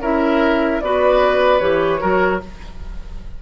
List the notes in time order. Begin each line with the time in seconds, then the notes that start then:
0.00 C#4 E4 A#4 E5
0.81 B3 F#4 B4 D5
1.59 E3 G4 C#5
2.00 F#3 F#4 A#4